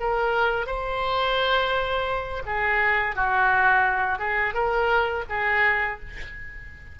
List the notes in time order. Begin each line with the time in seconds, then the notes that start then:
0.00 A#4
0.67 C5
2.46 G#4
3.16 F#4
4.19 G#4
4.54 A#4
5.29 G#4